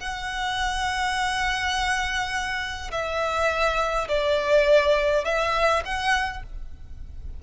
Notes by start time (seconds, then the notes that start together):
0.00 F#5
2.92 E5
4.09 D5
5.25 E5
5.85 F#5